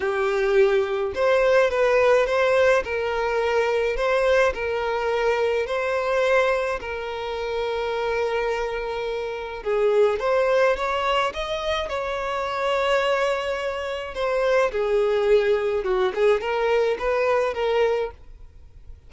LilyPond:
\new Staff \with { instrumentName = "violin" } { \time 4/4 \tempo 4 = 106 g'2 c''4 b'4 | c''4 ais'2 c''4 | ais'2 c''2 | ais'1~ |
ais'4 gis'4 c''4 cis''4 | dis''4 cis''2.~ | cis''4 c''4 gis'2 | fis'8 gis'8 ais'4 b'4 ais'4 | }